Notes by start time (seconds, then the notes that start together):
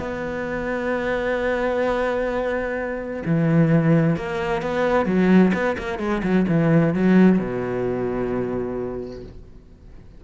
0.00 B3
3.26 E3
4.17 A#3
4.62 B3
5.06 F#3
5.54 B3
5.78 A#3
5.99 G#3
6.23 F#3
6.49 E3
6.94 F#3
7.39 B2